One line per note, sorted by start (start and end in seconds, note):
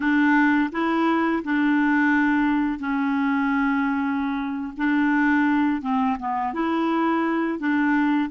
0.00 0.70 D4
0.72 1.42 E4
1.43 2.79 D4
2.79 4.73 C#4
4.77 5.81 D4
5.81 6.17 C4
6.19 6.53 B3
6.53 7.59 E4
7.59 8.29 D4